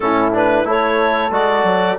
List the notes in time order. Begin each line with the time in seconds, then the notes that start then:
0.00 A2 C#4 E4 A4
0.32 D4 B4
0.64 A3 E4 A4 C#5
1.30 G#3 F#4 D5
1.63 F#3